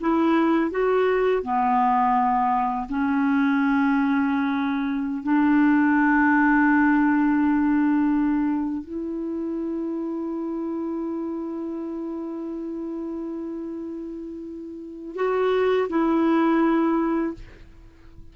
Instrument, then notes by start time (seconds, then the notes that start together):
clarinet
0.00 E4
0.70 F#4
1.42 B3
2.89 C#4
5.23 D4
8.83 E4
15.15 F#4
15.89 E4